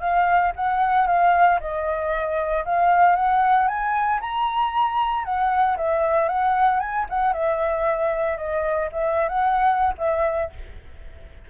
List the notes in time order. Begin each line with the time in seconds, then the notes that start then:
0.00 F5
0.56 F#5
1.07 F5
1.60 D#5
2.65 F5
3.16 F#5
3.68 G#5
4.21 A#5
5.24 F#5
5.77 E5
6.28 F#5
6.80 G#5
7.09 F#5
7.33 E5
8.37 D#5
8.92 E5
9.28 F#5
9.98 E5